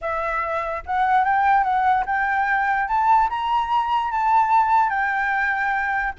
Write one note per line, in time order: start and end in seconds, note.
0.01 0.83 E5
0.86 1.24 F#5
1.24 1.63 G5
1.63 2.04 F#5
2.06 2.88 G5
2.88 3.29 A5
3.29 4.11 A#5
4.11 4.89 A5
4.89 6.13 G5